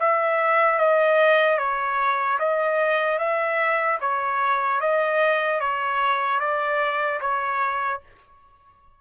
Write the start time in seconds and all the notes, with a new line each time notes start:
0.00 E5
0.79 D#5
1.59 C#5
2.39 D#5
3.19 E5
4.01 C#5
4.81 D#5
5.61 C#5
6.40 D5
7.21 C#5